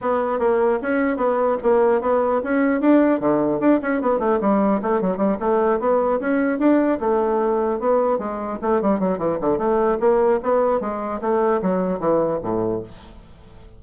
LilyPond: \new Staff \with { instrumentName = "bassoon" } { \time 4/4 \tempo 4 = 150 b4 ais4 cis'4 b4 | ais4 b4 cis'4 d'4 | d4 d'8 cis'8 b8 a8 g4 | a8 fis8 g8 a4 b4 cis'8~ |
cis'8 d'4 a2 b8~ | b8 gis4 a8 g8 fis8 e8 d8 | a4 ais4 b4 gis4 | a4 fis4 e4 a,4 | }